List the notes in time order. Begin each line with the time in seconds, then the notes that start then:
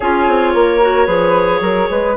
0.00 C#4 F4 G#4 C#5
0.27 C4
0.53 A#3 A#4
0.81 F#4
1.06 F3 G#4 B4
1.60 F#3 A#4
1.90 G#3 B4